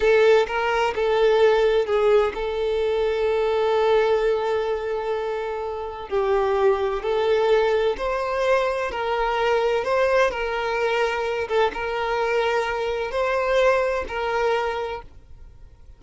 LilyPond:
\new Staff \with { instrumentName = "violin" } { \time 4/4 \tempo 4 = 128 a'4 ais'4 a'2 | gis'4 a'2.~ | a'1~ | a'4 g'2 a'4~ |
a'4 c''2 ais'4~ | ais'4 c''4 ais'2~ | ais'8 a'8 ais'2. | c''2 ais'2 | }